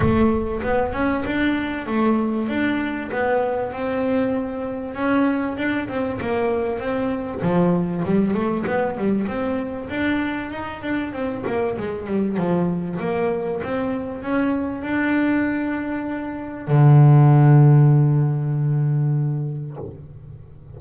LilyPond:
\new Staff \with { instrumentName = "double bass" } { \time 4/4 \tempo 4 = 97 a4 b8 cis'8 d'4 a4 | d'4 b4 c'2 | cis'4 d'8 c'8 ais4 c'4 | f4 g8 a8 b8 g8 c'4 |
d'4 dis'8 d'8 c'8 ais8 gis8 g8 | f4 ais4 c'4 cis'4 | d'2. d4~ | d1 | }